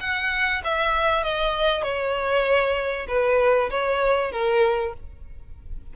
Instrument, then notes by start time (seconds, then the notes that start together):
violin
0.00 F#5
0.64 E5
1.23 D#5
1.83 C#5
3.08 B4
3.70 C#5
4.32 A#4